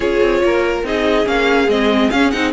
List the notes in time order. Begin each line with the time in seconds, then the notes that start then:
0.00 C#4 F4 G#4 C#5
0.21 C4
0.43 A#3 A#4
0.83 C4 D#4 G#4 D#5
1.24 A#3 C#4 F5
1.67 G#3 C4 D#5
2.10 C#4 F5
2.30 C4 D#4 F#5